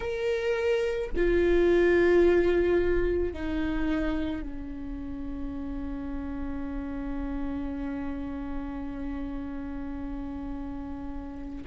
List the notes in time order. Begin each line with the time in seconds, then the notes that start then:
0.00 A#4
1.16 F4
3.33 D#4
4.42 C#4